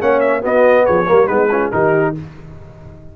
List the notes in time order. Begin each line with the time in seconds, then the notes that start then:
0.00 A#3 C#4 C#5 F#5
0.20 E5
0.41 B3 F#4 D#5
0.85 F3 G#4 C#5
1.07 G3 A#3 A#4
1.27 G#3 B3 D#4 B4
1.50 C#4 F4
1.71 D#3 D#4 G4 A#4